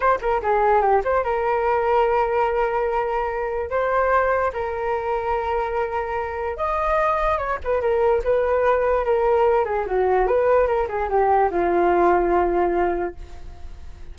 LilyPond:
\new Staff \with { instrumentName = "flute" } { \time 4/4 \tempo 4 = 146 c''8 ais'8 gis'4 g'8 c''8 ais'4~ | ais'1~ | ais'4 c''2 ais'4~ | ais'1 |
dis''2 cis''8 b'8 ais'4 | b'2 ais'4. gis'8 | fis'4 b'4 ais'8 gis'8 g'4 | f'1 | }